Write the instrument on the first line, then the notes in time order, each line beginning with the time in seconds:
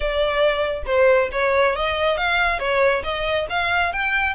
violin
0.00 D5
0.86 C5
1.32 C#5
1.75 D#5
2.17 F5
2.59 C#5
3.03 D#5
3.49 F5
3.92 G5